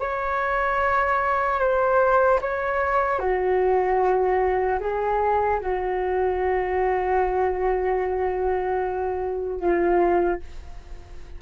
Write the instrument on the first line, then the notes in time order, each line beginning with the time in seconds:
flute
0.00 C#5
1.60 C5
2.41 C#5
3.19 F#4
4.80 G#4
5.60 F#4
9.60 F4